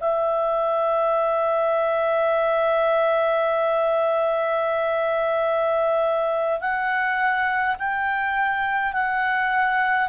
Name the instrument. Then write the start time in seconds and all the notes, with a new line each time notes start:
clarinet
0.00 E5
6.60 F#5
7.79 G5
8.93 F#5